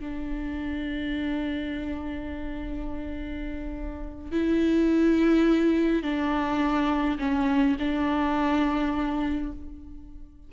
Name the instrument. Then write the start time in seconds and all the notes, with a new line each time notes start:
viola
0.00 D4
4.32 E4
6.03 D4
7.19 C#4
7.79 D4